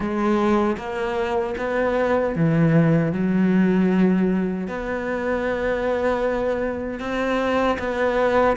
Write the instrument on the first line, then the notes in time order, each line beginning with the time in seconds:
cello
0.00 G#3
0.77 A#3
1.57 B3
2.36 E3
3.12 F#3
4.67 B3
7.00 C4
7.78 B3